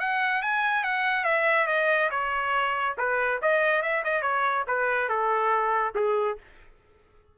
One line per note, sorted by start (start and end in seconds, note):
0.00 0.43 F#5
0.43 0.84 G#5
0.84 1.25 F#5
1.25 1.67 E5
1.67 2.10 D#5
2.11 2.96 C#5
2.98 3.41 B4
3.42 3.82 D#5
3.82 4.03 E5
4.04 4.22 D#5
4.22 4.65 C#5
4.68 5.09 B4
5.09 5.94 A4
5.95 6.38 G#4